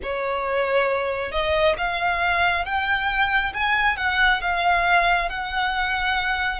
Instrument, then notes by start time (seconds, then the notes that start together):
violin
0.02 C#5
1.31 D#5
1.77 F5
2.65 G5
3.53 G#5
3.97 F#5
4.41 F5
5.29 F#5